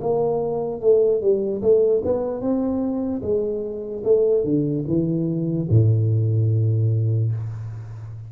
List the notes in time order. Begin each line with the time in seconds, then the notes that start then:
0.00 A#3
0.80 A3
1.21 G3
1.61 A3
2.04 B3
2.40 C4
3.21 G#3
4.04 A3
4.43 D3
4.87 E3
5.69 A2